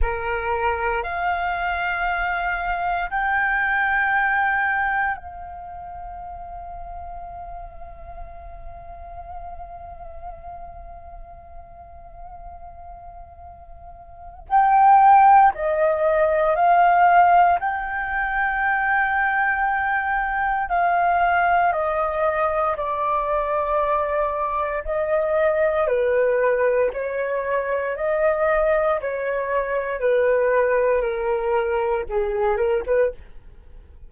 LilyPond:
\new Staff \with { instrumentName = "flute" } { \time 4/4 \tempo 4 = 58 ais'4 f''2 g''4~ | g''4 f''2.~ | f''1~ | f''2 g''4 dis''4 |
f''4 g''2. | f''4 dis''4 d''2 | dis''4 b'4 cis''4 dis''4 | cis''4 b'4 ais'4 gis'8 ais'16 b'16 | }